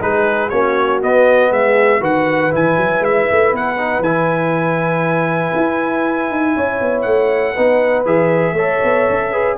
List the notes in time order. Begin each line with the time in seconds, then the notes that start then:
0.00 G#3 D#4 G#4 B4
0.49 A#3 C#4 F#4 C#5
1.01 B3 D#5
1.51 G#3 G#4 E5
1.99 D#3 F#4 B4 F#5
2.51 E3 E4 G#5
2.77 F#3
3.00 G#3 E5
3.31 A3
3.53 B3 F#5
3.78 D#4
3.99 E3 E4 G#5
5.55 E4
6.30 D#4
6.56 C#4 C#5
6.81 B3
7.02 A3 F#5
7.54 B3 D#4 B4
8.06 E3 G#4 E5
8.53 A3 A4 C#5
8.84 B3
9.09 C#4
9.32 G#4 B4